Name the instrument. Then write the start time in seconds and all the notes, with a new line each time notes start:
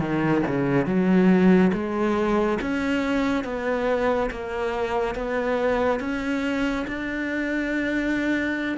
cello
0.00 D#3
0.48 C#3
0.86 F#3
1.73 G#3
2.62 C#4
3.45 B3
4.31 A#3
5.15 B3
6.00 C#4
6.88 D4